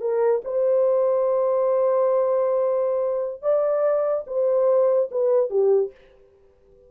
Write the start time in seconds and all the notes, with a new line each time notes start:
0.00 A#4
0.44 C5
3.42 D5
4.26 C5
5.11 B4
5.50 G4